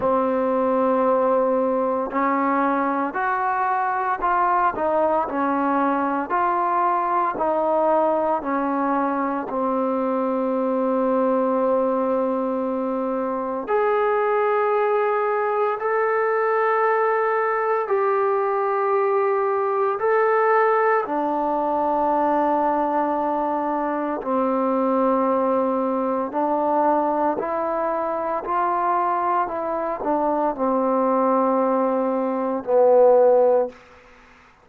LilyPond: \new Staff \with { instrumentName = "trombone" } { \time 4/4 \tempo 4 = 57 c'2 cis'4 fis'4 | f'8 dis'8 cis'4 f'4 dis'4 | cis'4 c'2.~ | c'4 gis'2 a'4~ |
a'4 g'2 a'4 | d'2. c'4~ | c'4 d'4 e'4 f'4 | e'8 d'8 c'2 b4 | }